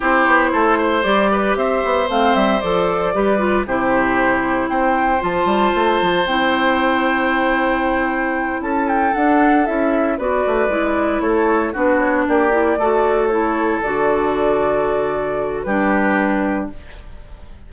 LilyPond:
<<
  \new Staff \with { instrumentName = "flute" } { \time 4/4 \tempo 4 = 115 c''2 d''4 e''4 | f''8 e''8 d''2 c''4~ | c''4 g''4 a''2 | g''1~ |
g''8 a''8 g''8 fis''4 e''4 d''8~ | d''4. cis''4 b'8 cis''8 d''8~ | d''4. cis''4 d''4.~ | d''2 b'2 | }
  \new Staff \with { instrumentName = "oboe" } { \time 4/4 g'4 a'8 c''4 b'8 c''4~ | c''2 b'4 g'4~ | g'4 c''2.~ | c''1~ |
c''8 a'2. b'8~ | b'4. a'4 fis'4 g'8~ | g'8 a'2.~ a'8~ | a'2 g'2 | }
  \new Staff \with { instrumentName = "clarinet" } { \time 4/4 e'2 g'2 | c'4 a'4 g'8 f'8 e'4~ | e'2 f'2 | e'1~ |
e'4. d'4 e'4 fis'8~ | fis'8 e'2 d'4. | e'8 fis'4 e'4 fis'4.~ | fis'2 d'2 | }
  \new Staff \with { instrumentName = "bassoon" } { \time 4/4 c'8 b8 a4 g4 c'8 b8 | a8 g8 f4 g4 c4~ | c4 c'4 f8 g8 a8 f8 | c'1~ |
c'8 cis'4 d'4 cis'4 b8 | a8 gis4 a4 b4 ais8~ | ais8 a2 d4.~ | d2 g2 | }
>>